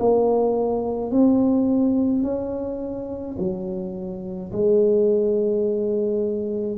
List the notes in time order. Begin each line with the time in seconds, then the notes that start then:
0.00 A#3
1.11 C4
2.23 C#4
3.39 F#3
4.52 G#3